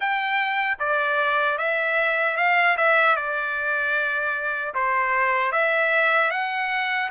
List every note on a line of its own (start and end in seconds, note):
0.00 0.78 G5
0.79 1.58 D5
1.58 2.36 E5
2.36 2.76 F5
2.77 3.16 E5
3.16 4.74 D5
4.74 5.52 C5
5.52 6.30 E5
6.30 7.09 F#5